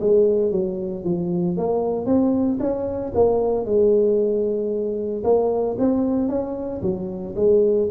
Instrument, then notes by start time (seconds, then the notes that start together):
tuba
0.00 G#3
0.51 F#3
1.04 F3
1.57 A#3
2.06 C4
2.60 C#4
3.14 A#3
3.65 G#3
5.24 A#3
5.78 C4
6.28 C#4
6.82 F#3
7.35 G#3